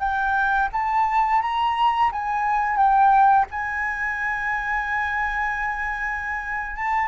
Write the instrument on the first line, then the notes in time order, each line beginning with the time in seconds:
flute
0.00 G5
0.73 A5
1.42 A#5
2.12 G#5
2.77 G5
3.51 G#5
6.76 A5